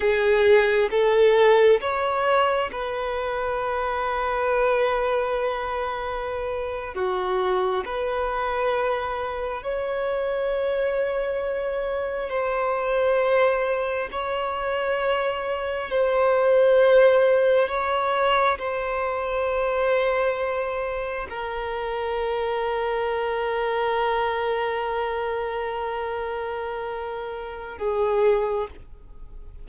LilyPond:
\new Staff \with { instrumentName = "violin" } { \time 4/4 \tempo 4 = 67 gis'4 a'4 cis''4 b'4~ | b'2.~ b'8. fis'16~ | fis'8. b'2 cis''4~ cis''16~ | cis''4.~ cis''16 c''2 cis''16~ |
cis''4.~ cis''16 c''2 cis''16~ | cis''8. c''2. ais'16~ | ais'1~ | ais'2. gis'4 | }